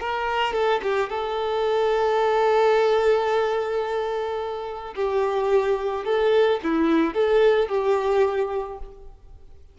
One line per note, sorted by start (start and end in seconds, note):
0.00 0.53 A#4
0.53 0.81 A4
0.83 1.09 G4
1.09 4.94 A4
4.95 6.05 G4
6.05 6.60 A4
6.63 7.14 E4
7.14 7.68 A4
7.68 8.78 G4